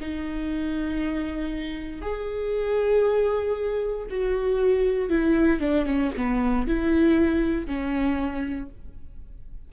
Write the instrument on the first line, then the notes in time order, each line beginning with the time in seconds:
viola
0.00 D#4
2.01 G#4
4.10 F#4
5.09 E4
5.60 D4
5.85 C#4
6.16 B3
6.67 E4
7.66 C#4